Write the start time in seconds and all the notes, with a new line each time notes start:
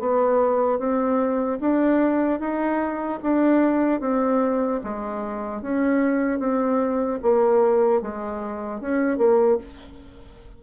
0.00 B3
0.79 C4
1.61 D4
2.40 D#4
3.23 D4
4.01 C4
4.84 G#3
5.62 C#4
6.40 C4
7.23 A#3
8.02 G#3
8.81 C#4
9.18 A#3